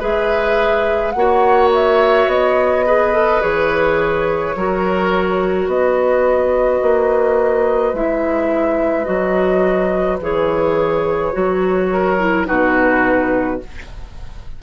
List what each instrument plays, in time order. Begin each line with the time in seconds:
0.00 bassoon G#3, clarinet G#4, oboe B4, flute E5
1.12 bassoon A#3, clarinet F#4, flute F#5
1.19 oboe C#5
1.74 flute E5
2.27 bassoon B3, flute D#5
2.86 clarinet G#4, oboe B4
3.13 clarinet A4
3.42 bassoon E3, clarinet G#4, flute C#5
4.56 bassoon F#3, clarinet F#4, oboe A#4
5.67 bassoon B3, oboe B4, flute D#5
6.82 bassoon A#3
7.94 bassoon G#3, clarinet E4, flute E5
9.05 bassoon F#3, clarinet F#4, flute D#5
10.21 bassoon E3, clarinet G#4, flute C#5
11.33 bassoon F#3, clarinet F#4
11.93 oboe A#4
12.19 clarinet E4
12.46 bassoon B2, clarinet D#4, oboe F#4, flute B4